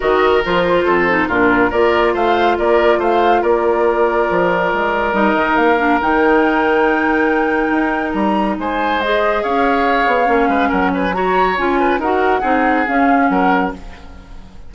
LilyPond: <<
  \new Staff \with { instrumentName = "flute" } { \time 4/4 \tempo 4 = 140 dis''4 c''2 ais'4 | d''4 f''4 d''4 f''4 | d''1 | dis''4 f''4 g''2~ |
g''2. ais''4 | gis''4 dis''4 f''2~ | f''4 fis''8 gis''8 ais''4 gis''4 | fis''2 f''4 fis''4 | }
  \new Staff \with { instrumentName = "oboe" } { \time 4/4 ais'2 a'4 f'4 | ais'4 c''4 ais'4 c''4 | ais'1~ | ais'1~ |
ais'1 | c''2 cis''2~ | cis''8 b'8 ais'8 b'8 cis''4. b'8 | ais'4 gis'2 ais'4 | }
  \new Staff \with { instrumentName = "clarinet" } { \time 4/4 fis'4 f'4. dis'8 d'4 | f'1~ | f'1 | dis'4. d'8 dis'2~ |
dis'1~ | dis'4 gis'2. | cis'2 fis'4 f'4 | fis'4 dis'4 cis'2 | }
  \new Staff \with { instrumentName = "bassoon" } { \time 4/4 dis4 f4 f,4 ais,4 | ais4 a4 ais4 a4 | ais2 f4 gis4 | g8 dis8 ais4 dis2~ |
dis2 dis'4 g4 | gis2 cis'4. b8 | ais8 gis8 fis2 cis'4 | dis'4 c'4 cis'4 fis4 | }
>>